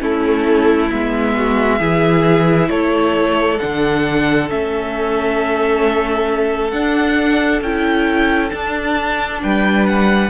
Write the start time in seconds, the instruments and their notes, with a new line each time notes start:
0.00 cello A3, viola C#4, violin E4 A4
0.91 cello G#3, viola B3, violin E5
1.37 violin F#4
1.79 cello E3, viola E4, violin G#4
2.70 cello A3, violin A4 C#5
3.59 cello D3, viola D4, violin F#5
4.49 cello A3, viola C#4, violin E5
6.71 cello D4, viola D4, violin F#5
7.62 cello C#4, viola E4, violin G5
8.50 viola D4, cello D4, violin A5
9.43 cello G3, violin B4 G5
9.87 violin F#5